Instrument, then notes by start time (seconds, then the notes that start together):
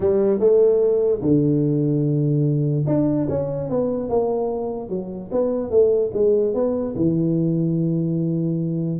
tuba
0.00 G3
0.39 A3
1.21 D3
2.86 D4
3.29 C#4
3.69 B3
4.09 A#3
4.89 F#3
5.31 B3
5.70 A3
6.13 G#3
6.53 B3
6.96 E3